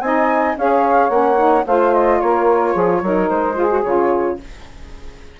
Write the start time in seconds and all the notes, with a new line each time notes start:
0.00 C4 D#4 D#5 G#5
0.56 C#4 G#4 C#5 F5
1.09 A#3 C#4 F#5
1.36 D#4
1.65 A3 F4 C5 F5
1.93 D#5
2.20 A#3 A#4 C#5
2.72 F3 G#4
3.02 F#3 D#4 A#4
3.28 G#3 C5
3.54 F4 G#4
3.70 F#4
3.83 C#3 F4 C#5